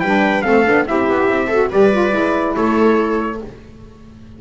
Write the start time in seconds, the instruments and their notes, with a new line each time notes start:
0.00 double bass G3, saxophone D4, viola B4, trumpet G5
0.42 double bass A3, saxophone C4, viola A4, trumpet F5
0.65 double bass B3, saxophone D4
0.86 double bass C4, saxophone E4, viola G4, trumpet E5
1.10 double bass B3
1.28 double bass C4
1.47 saxophone F#4, viola A4
1.70 double bass G3, saxophone G4, viola B4, trumpet D5
1.92 saxophone F4
2.10 double bass G#3, saxophone E4
2.55 double bass A3, viola A4, trumpet C#5